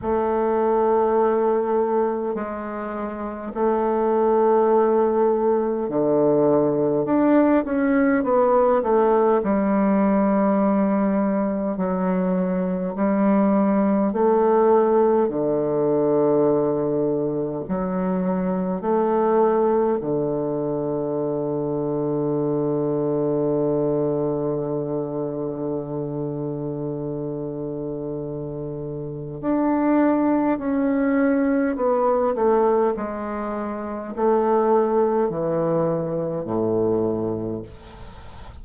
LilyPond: \new Staff \with { instrumentName = "bassoon" } { \time 4/4 \tempo 4 = 51 a2 gis4 a4~ | a4 d4 d'8 cis'8 b8 a8 | g2 fis4 g4 | a4 d2 fis4 |
a4 d2.~ | d1~ | d4 d'4 cis'4 b8 a8 | gis4 a4 e4 a,4 | }